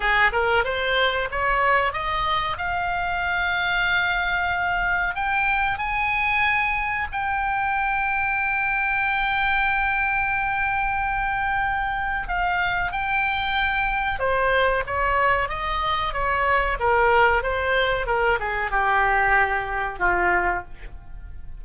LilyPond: \new Staff \with { instrumentName = "oboe" } { \time 4/4 \tempo 4 = 93 gis'8 ais'8 c''4 cis''4 dis''4 | f''1 | g''4 gis''2 g''4~ | g''1~ |
g''2. f''4 | g''2 c''4 cis''4 | dis''4 cis''4 ais'4 c''4 | ais'8 gis'8 g'2 f'4 | }